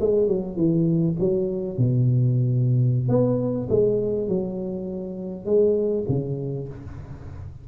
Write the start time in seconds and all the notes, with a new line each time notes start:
0.00 G#3
0.27 F#3
0.56 E3
1.19 F#3
1.77 B2
3.08 B3
3.69 G#3
4.28 F#3
5.45 G#3
6.08 C#3